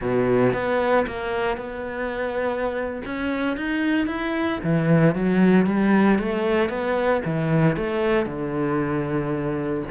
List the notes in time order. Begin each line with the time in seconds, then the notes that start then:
0.01 B2
0.53 B3
1.06 A#3
1.57 B3
3.05 C#4
3.56 D#4
4.06 E4
4.63 E3
5.15 F#3
5.66 G3
6.18 A3
6.69 B3
7.25 E3
7.76 A3
8.25 D3